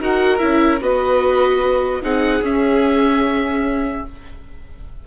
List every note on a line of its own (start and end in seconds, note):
0.00 0.41 D#4
0.00 0.40 F#4
0.00 0.82 A#4
0.00 0.39 F#5
0.39 0.81 C#4
0.39 0.80 E4
0.39 0.79 E5
0.81 2.03 B3
0.81 2.02 F#4
0.81 2.02 B4
0.81 2.04 D#5
2.02 2.42 C4
2.02 2.43 D#4
2.02 4.05 G#4
2.02 2.44 F#5
2.42 4.04 C#4
2.42 4.05 C#4
2.42 4.07 E5